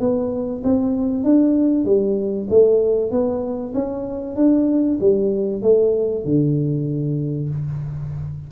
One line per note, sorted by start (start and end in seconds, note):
0.00 0.62 B3
0.64 1.24 C4
1.24 1.85 D4
1.85 2.48 G3
2.50 3.11 A3
3.11 3.74 B3
3.74 4.36 C#4
4.36 4.99 D4
5.00 5.62 G3
5.62 6.25 A3
6.25 7.50 D3